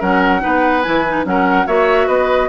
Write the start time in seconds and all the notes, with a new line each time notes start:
0.00 F#3 C#4 A#4 F#5
0.41 B3 D#4 B4
0.83 E3 E4 G#5
1.09 D#4
1.25 F#3 C#4 A#4 F#5
1.67 A#3 F#4 C#5 E5
2.08 B3 B4 D#5